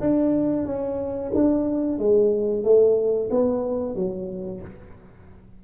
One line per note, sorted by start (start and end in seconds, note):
0.00 0.65 D4
0.65 1.31 C#4
1.34 1.98 D4
1.98 2.64 G#3
2.64 3.30 A3
3.30 3.95 B3
3.95 4.61 F#3